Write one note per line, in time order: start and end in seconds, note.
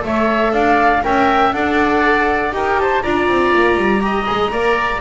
0.00 0.53 A3
0.00 1.00 A4
0.00 0.53 C#5
0.00 0.53 E5
0.53 1.03 D4
0.53 1.02 D5
0.53 1.03 F5
1.03 1.52 C#4
1.03 1.53 A#4
1.03 1.56 E5
1.03 1.52 G5
1.52 2.52 D4
1.52 2.51 A4
1.52 2.56 D5
1.52 2.52 F#5
2.51 3.02 D#4
2.51 3.01 G4
2.51 2.81 A#4
2.51 2.79 G5
2.79 3.03 C5
2.79 3.02 A5
3.02 3.28 D4
3.02 4.00 F4
3.02 4.03 D5
3.02 5.01 A#5
3.28 3.53 C4
3.55 3.77 A#3
3.77 4.27 G3
4.00 4.25 G4
4.00 4.51 D#5
4.26 4.52 G#3
4.26 4.51 G#4
4.51 5.01 A#3
4.51 5.01 A#4
4.51 5.01 D5